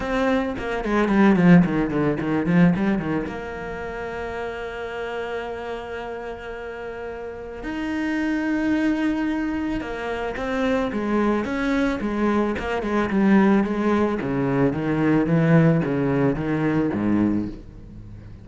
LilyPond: \new Staff \with { instrumentName = "cello" } { \time 4/4 \tempo 4 = 110 c'4 ais8 gis8 g8 f8 dis8 d8 | dis8 f8 g8 dis8 ais2~ | ais1~ | ais2 dis'2~ |
dis'2 ais4 c'4 | gis4 cis'4 gis4 ais8 gis8 | g4 gis4 cis4 dis4 | e4 cis4 dis4 gis,4 | }